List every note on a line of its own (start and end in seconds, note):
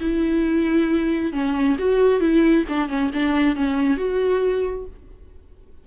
0.00 1.32 E4
1.32 1.76 C#4
1.78 2.20 F#4
2.20 2.64 E4
2.69 2.89 D4
2.89 3.11 C#4
3.13 3.56 D4
3.56 3.97 C#4
3.97 4.85 F#4